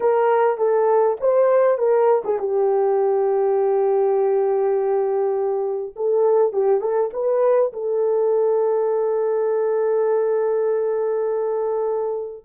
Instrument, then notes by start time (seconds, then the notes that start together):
horn
0.00 A#4
0.57 A4
1.20 C5
1.77 A#4
2.24 G#4
2.38 G4
5.95 A4
6.53 G4
6.80 A4
7.13 B4
7.72 A4